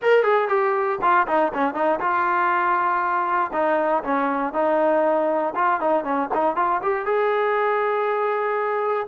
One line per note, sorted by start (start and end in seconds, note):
0.01 0.23 A#4
0.23 0.48 G#4
0.48 0.99 G4
1.01 1.27 F4
1.27 1.52 D#4
1.54 1.74 C#4
1.74 1.99 D#4
1.99 3.51 F4
3.52 4.03 D#4
4.03 4.53 C#4
4.53 5.53 D#4
5.55 5.80 F4
5.80 6.04 D#4
6.04 6.29 C#4
6.34 6.55 D#4
6.55 6.81 F4
6.82 7.05 G4
7.05 9.07 G#4